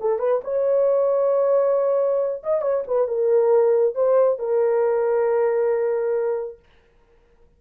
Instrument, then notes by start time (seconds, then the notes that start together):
horn
0.00 A4
0.19 B4
0.44 C#5
2.43 D#5
2.61 C#5
2.87 B4
3.07 A#4
3.94 C5
4.38 A#4